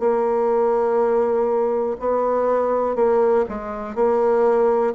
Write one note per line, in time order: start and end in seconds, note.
0.00 1.97 A#3
2.00 2.96 B3
2.96 3.45 A#3
3.49 3.96 G#3
3.96 4.94 A#3